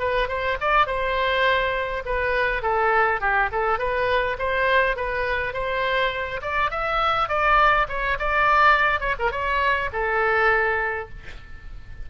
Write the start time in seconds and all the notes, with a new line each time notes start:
0.00 B4
0.29 C5
0.61 D5
0.87 C5
2.06 B4
2.63 A4
3.21 G4
3.52 A4
3.79 B4
4.39 C5
4.97 B4
5.54 C5
6.42 D5
6.71 E5
7.29 D5
7.89 C#5
8.19 D5
9.01 C#5
9.19 A#4
9.32 C#5
9.93 A4